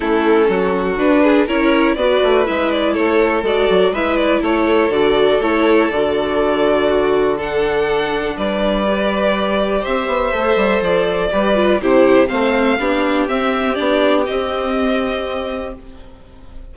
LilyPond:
<<
  \new Staff \with { instrumentName = "violin" } { \time 4/4 \tempo 4 = 122 a'2 b'4 cis''4 | d''4 e''8 d''8 cis''4 d''4 | e''8 d''8 cis''4 d''4 cis''4 | d''2. fis''4~ |
fis''4 d''2. | e''2 d''2 | c''4 f''2 e''4 | d''4 dis''2. | }
  \new Staff \with { instrumentName = "violin" } { \time 4/4 e'4 fis'4. gis'8 ais'4 | b'2 a'2 | b'4 a'2.~ | a'2 fis'4 a'4~ |
a'4 b'2. | c''2. b'4 | g'4 c''4 g'2~ | g'1 | }
  \new Staff \with { instrumentName = "viola" } { \time 4/4 cis'2 d'4 e'4 | fis'4 e'2 fis'4 | e'2 fis'4 e'4 | fis'2. d'4~ |
d'2 g'2~ | g'4 a'2 g'8 f'8 | e'4 c'4 d'4 c'4 | d'4 c'2. | }
  \new Staff \with { instrumentName = "bassoon" } { \time 4/4 a4 fis4 d'4 cis'4 | b8 a8 gis4 a4 gis8 fis8 | gis4 a4 d4 a4 | d1~ |
d4 g2. | c'8 b8 a8 g8 f4 g4 | c4 a4 b4 c'4 | b4 c'2. | }
>>